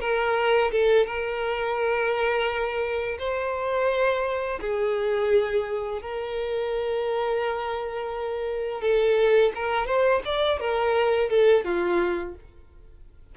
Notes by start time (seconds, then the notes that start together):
0.00 A#4
0.71 A4
1.06 A#4
3.18 C5
4.60 G#4
6.02 A#4
8.81 A4
9.55 A#4
9.86 C5
10.25 D5
10.59 A#4
11.29 A4
11.64 F4